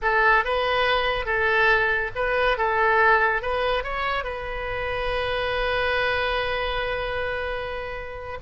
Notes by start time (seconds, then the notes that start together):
0.02 A4
0.44 B4
1.25 A4
2.15 B4
2.57 A4
3.42 B4
3.83 C#5
4.24 B4